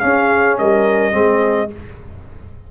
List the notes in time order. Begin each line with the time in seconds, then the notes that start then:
0.00 C#4 G#4 F5
0.58 G3 A#4 D#5
1.12 G#3 C4 G#4